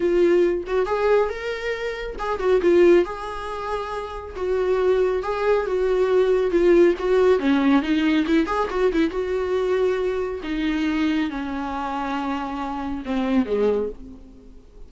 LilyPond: \new Staff \with { instrumentName = "viola" } { \time 4/4 \tempo 4 = 138 f'4. fis'8 gis'4 ais'4~ | ais'4 gis'8 fis'8 f'4 gis'4~ | gis'2 fis'2 | gis'4 fis'2 f'4 |
fis'4 cis'4 dis'4 e'8 gis'8 | fis'8 e'8 fis'2. | dis'2 cis'2~ | cis'2 c'4 gis4 | }